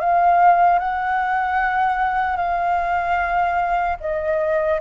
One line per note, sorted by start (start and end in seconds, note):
0.00 0.79 F5
0.79 2.37 F#5
2.37 3.97 F5
4.01 4.81 D#5